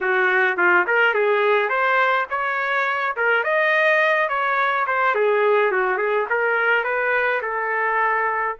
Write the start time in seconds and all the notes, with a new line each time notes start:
0.00 F#4
0.57 F4
0.86 A#4
1.14 G#4
1.69 C5
2.30 C#5
3.16 A#4
3.43 D#5
4.29 C#5
4.86 C5
5.14 G#4
5.71 F#4
5.97 G#4
6.29 A#4
6.84 B4
7.42 A4